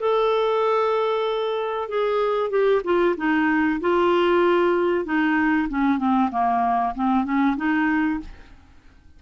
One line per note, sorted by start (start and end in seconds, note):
0.00 1.89 A4
1.89 2.50 G#4
2.50 2.82 G4
2.84 3.16 F4
3.17 3.80 D#4
3.81 5.05 F4
5.05 5.68 D#4
5.69 5.98 C#4
5.98 6.30 C4
6.31 6.94 A#3
6.95 7.25 C4
7.25 7.56 C#4
7.56 8.20 D#4